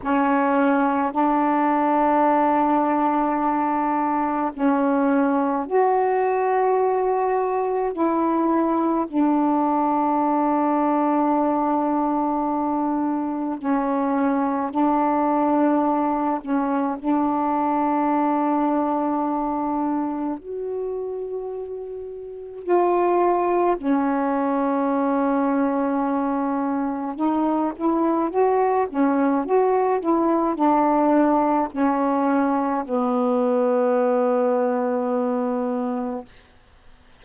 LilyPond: \new Staff \with { instrumentName = "saxophone" } { \time 4/4 \tempo 4 = 53 cis'4 d'2. | cis'4 fis'2 e'4 | d'1 | cis'4 d'4. cis'8 d'4~ |
d'2 fis'2 | f'4 cis'2. | dis'8 e'8 fis'8 cis'8 fis'8 e'8 d'4 | cis'4 b2. | }